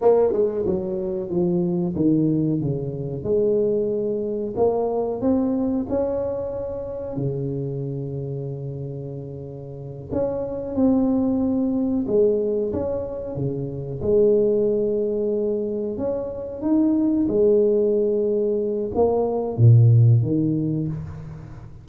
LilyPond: \new Staff \with { instrumentName = "tuba" } { \time 4/4 \tempo 4 = 92 ais8 gis8 fis4 f4 dis4 | cis4 gis2 ais4 | c'4 cis'2 cis4~ | cis2.~ cis8 cis'8~ |
cis'8 c'2 gis4 cis'8~ | cis'8 cis4 gis2~ gis8~ | gis8 cis'4 dis'4 gis4.~ | gis4 ais4 ais,4 dis4 | }